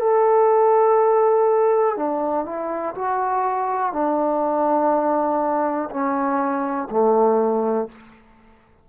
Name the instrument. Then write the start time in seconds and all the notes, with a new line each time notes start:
trombone
0.00 A4
1.97 D4
2.45 E4
2.95 F#4
3.93 D4
5.90 C#4
6.90 A3